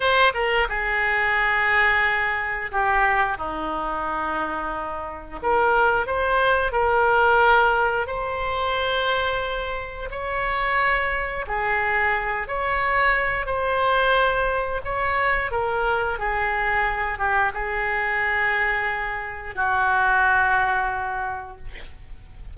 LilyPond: \new Staff \with { instrumentName = "oboe" } { \time 4/4 \tempo 4 = 89 c''8 ais'8 gis'2. | g'4 dis'2. | ais'4 c''4 ais'2 | c''2. cis''4~ |
cis''4 gis'4. cis''4. | c''2 cis''4 ais'4 | gis'4. g'8 gis'2~ | gis'4 fis'2. | }